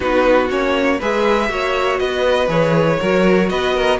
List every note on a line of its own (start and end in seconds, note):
0.00 0.50 B3
0.00 0.48 D#4
0.00 0.98 F#4
0.00 0.47 B4
0.49 1.00 A#3
0.49 0.99 C#4
0.49 1.00 C#5
0.98 1.49 G#3
0.98 1.48 G#4
0.98 1.48 B4
0.98 1.98 E5
1.48 1.99 A#3
1.48 2.48 F#4
1.48 2.00 C#5
1.98 2.48 B3
1.98 2.99 B4
1.98 2.48 D#5
2.48 2.98 E3
2.48 2.98 G#4
2.48 3.49 C#5
2.99 3.50 F#3
2.99 3.99 F#4
2.99 3.49 A#4
3.49 3.99 B3
3.49 3.74 B4
3.49 3.99 D#5
3.74 3.99 A#4